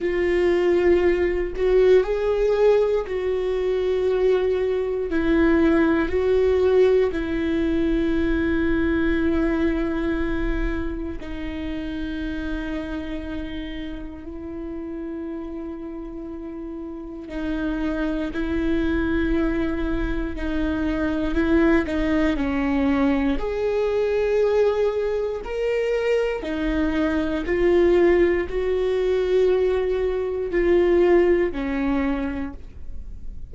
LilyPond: \new Staff \with { instrumentName = "viola" } { \time 4/4 \tempo 4 = 59 f'4. fis'8 gis'4 fis'4~ | fis'4 e'4 fis'4 e'4~ | e'2. dis'4~ | dis'2 e'2~ |
e'4 dis'4 e'2 | dis'4 e'8 dis'8 cis'4 gis'4~ | gis'4 ais'4 dis'4 f'4 | fis'2 f'4 cis'4 | }